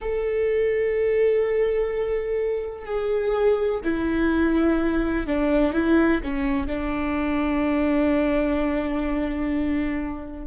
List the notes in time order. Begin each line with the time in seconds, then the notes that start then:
0.01 A4
2.85 G#4
3.84 E4
5.26 D4
5.73 E4
6.23 C#4
6.66 D4